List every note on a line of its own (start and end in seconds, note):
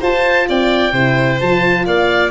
0.00 0.48 F4
0.00 0.93 F4
0.00 0.46 C5
0.00 0.49 A5
0.48 0.92 C4
0.48 0.92 D5
0.48 1.41 G5
0.92 1.38 C3
0.92 1.40 E4
0.92 1.85 C5
1.41 1.86 F3
1.41 2.31 F4
1.41 1.87 A5
1.86 2.31 A#3
1.86 2.31 D5
1.86 2.31 F5